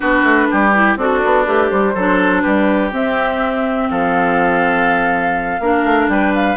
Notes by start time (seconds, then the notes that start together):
0.00 B3 D4 F#4 B4
0.23 A3
0.50 G3 G4
0.74 E4
0.96 C4 D4 F#4 A4
1.24 B3
1.45 A3 G4 B4
1.69 G3 C5
1.94 F#3 D4 A4
2.41 G3 G4 B4
2.91 C4 E5
3.90 F3 A4 F5
5.59 A#3 D4 A#4
5.83 A3
6.08 G3 B4 G5
6.34 F5